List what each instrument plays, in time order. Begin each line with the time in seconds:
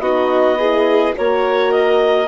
0.00 bassoon B3, horn D#4, violin F#4, clarinet D#5
0.58 horn E4, violin G#4
1.13 bassoon A#3, horn F#4, violin A#4, clarinet C#5
1.72 clarinet D#5